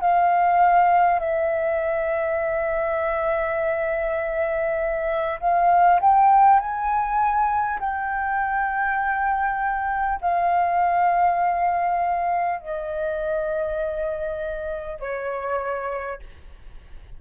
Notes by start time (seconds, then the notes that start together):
0.00 F5
1.19 E5
5.39 F5
6.01 G5
6.59 G#5
7.79 G5
10.21 F5
12.59 D#5
14.99 C#5